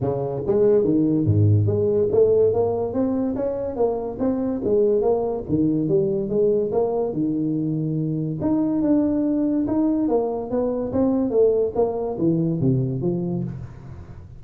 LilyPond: \new Staff \with { instrumentName = "tuba" } { \time 4/4 \tempo 4 = 143 cis4 gis4 dis4 gis,4 | gis4 a4 ais4 c'4 | cis'4 ais4 c'4 gis4 | ais4 dis4 g4 gis4 |
ais4 dis2. | dis'4 d'2 dis'4 | ais4 b4 c'4 a4 | ais4 e4 c4 f4 | }